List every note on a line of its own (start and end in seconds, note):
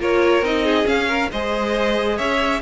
0.00 0.42 A#3
0.00 0.43 F4
0.00 0.65 A#4
0.00 0.45 C#5
0.42 0.85 C4
0.42 0.85 D#4
0.42 0.87 D#5
0.65 1.08 G#4
0.85 1.29 C#4
0.85 1.31 C#4
0.85 1.31 F5
1.08 1.30 A#4
1.32 2.19 G#3
1.32 2.62 G#4
1.32 2.17 C5
1.32 2.18 D#5
2.17 2.62 C#4
2.17 2.61 C#5
2.17 2.62 E5